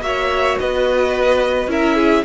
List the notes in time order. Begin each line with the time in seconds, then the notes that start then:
0.00 A#3 F#4 C#5 E5
0.59 B3 B4 D#5
1.67 C#4 E4 A#4 E5
1.95 G#4